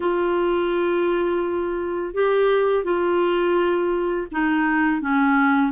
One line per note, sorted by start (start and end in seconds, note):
0.00 2.14 F4
2.14 2.84 G4
2.84 4.27 F4
4.31 5.01 D#4
5.01 5.72 C#4